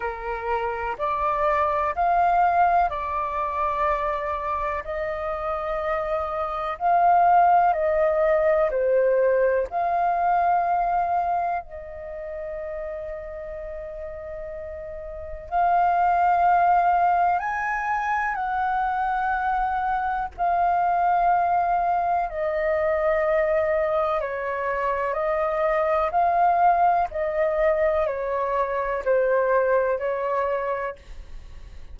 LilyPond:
\new Staff \with { instrumentName = "flute" } { \time 4/4 \tempo 4 = 62 ais'4 d''4 f''4 d''4~ | d''4 dis''2 f''4 | dis''4 c''4 f''2 | dis''1 |
f''2 gis''4 fis''4~ | fis''4 f''2 dis''4~ | dis''4 cis''4 dis''4 f''4 | dis''4 cis''4 c''4 cis''4 | }